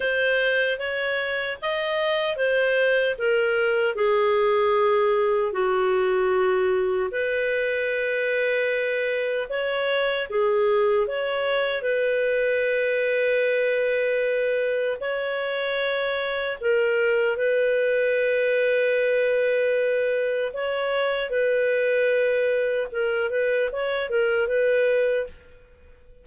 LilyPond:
\new Staff \with { instrumentName = "clarinet" } { \time 4/4 \tempo 4 = 76 c''4 cis''4 dis''4 c''4 | ais'4 gis'2 fis'4~ | fis'4 b'2. | cis''4 gis'4 cis''4 b'4~ |
b'2. cis''4~ | cis''4 ais'4 b'2~ | b'2 cis''4 b'4~ | b'4 ais'8 b'8 cis''8 ais'8 b'4 | }